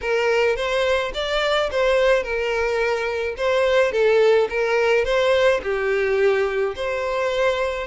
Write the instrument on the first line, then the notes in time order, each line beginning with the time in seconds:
violin
0.01 A#4
0.56 C5
1.13 D5
1.71 C5
2.23 A#4
3.37 C5
3.92 A4
4.49 A#4
5.04 C5
5.62 G4
6.75 C5